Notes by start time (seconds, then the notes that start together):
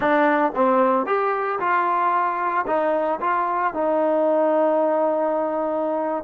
0.00 D4
0.55 C4
1.05 G4
1.59 F4
2.66 D#4
3.20 F4
3.73 D#4